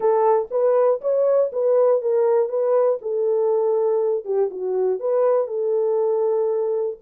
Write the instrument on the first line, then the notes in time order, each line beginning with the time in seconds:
horn
0.00 A4
0.50 B4
1.01 C#5
1.52 B4
2.01 A#4
2.48 B4
3.01 A4
4.24 G4
4.50 F#4
4.99 B4
5.47 A4